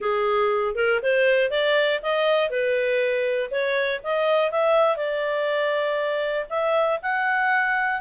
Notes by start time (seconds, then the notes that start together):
0.00 G#4
0.75 A#4
1.02 C5
1.50 D5
2.02 D#5
2.50 B4
3.50 C#5
4.03 D#5
4.51 E5
4.96 D5
6.49 E5
7.02 F#5